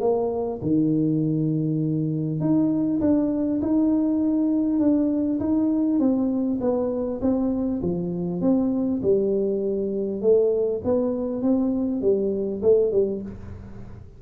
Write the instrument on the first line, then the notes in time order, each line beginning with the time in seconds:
tuba
0.00 A#3
0.62 D#3
2.40 D#4
3.01 D4
3.61 D#4
4.79 D4
5.40 D#4
5.99 C4
6.60 B3
7.21 C4
7.82 F3
8.41 C4
9.02 G3
10.21 A3
10.84 B3
11.42 C4
12.01 G3
12.62 A3
12.92 G3